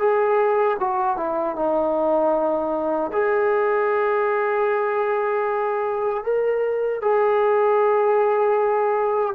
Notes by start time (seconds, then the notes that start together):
0.00 G#4
0.80 F#4
1.17 E4
1.56 D#4
3.13 G#4
6.24 A#4
7.02 G#4